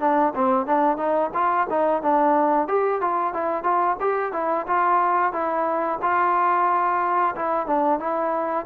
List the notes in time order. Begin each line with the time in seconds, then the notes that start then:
0.00 D4
0.35 C4
0.66 D4
0.97 D#4
1.34 F4
1.70 D#4
2.02 D4
2.68 G4
3.01 F4
3.33 E4
3.63 F4
4.00 G4
4.33 E4
4.67 F4
5.32 E4
6.02 F4
7.35 E4
7.67 D4
7.99 E4